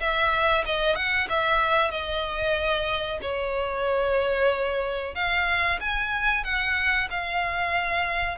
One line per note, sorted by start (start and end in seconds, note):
0.00 0.65 E5
0.66 0.96 D#5
0.96 1.28 F#5
1.29 1.91 E5
1.91 3.20 D#5
3.22 5.15 C#5
5.15 5.79 F5
5.80 6.44 G#5
6.44 7.09 F#5
7.11 8.38 F5